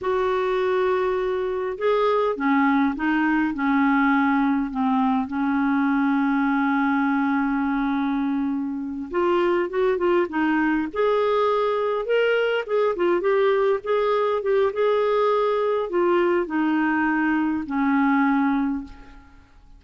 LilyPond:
\new Staff \with { instrumentName = "clarinet" } { \time 4/4 \tempo 4 = 102 fis'2. gis'4 | cis'4 dis'4 cis'2 | c'4 cis'2.~ | cis'2.~ cis'8 f'8~ |
f'8 fis'8 f'8 dis'4 gis'4.~ | gis'8 ais'4 gis'8 f'8 g'4 gis'8~ | gis'8 g'8 gis'2 f'4 | dis'2 cis'2 | }